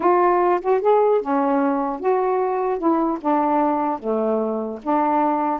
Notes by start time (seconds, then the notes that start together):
0.00 F4
0.61 F#4
0.81 G#4
1.21 C#4
2.00 F#4
2.78 E4
3.20 D4
3.99 A3
4.82 D4